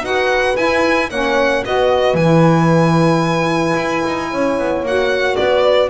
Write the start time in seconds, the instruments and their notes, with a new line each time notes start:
0.00 double bass D#4, saxophone F#4, horn B4, violin F#5
0.55 saxophone E4, double bass E4, violin G#5
1.09 double bass A#3, saxophone C#4, horn C#5, violin F#5
1.63 double bass B3, saxophone F#4, horn B4, violin D#5
2.13 double bass E3, violin G#5
2.20 saxophone E4
3.75 double bass E4
4.06 double bass D#4
4.29 double bass C#4, horn C#5
4.58 double bass B3
4.83 double bass A#3, saxophone F#4, violin F#5
5.36 double bass B3, horn B4, violin D5